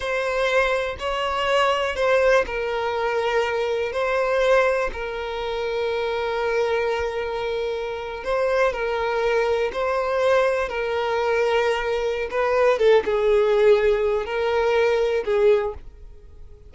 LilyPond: \new Staff \with { instrumentName = "violin" } { \time 4/4 \tempo 4 = 122 c''2 cis''2 | c''4 ais'2. | c''2 ais'2~ | ais'1~ |
ais'8. c''4 ais'2 c''16~ | c''4.~ c''16 ais'2~ ais'16~ | ais'4 b'4 a'8 gis'4.~ | gis'4 ais'2 gis'4 | }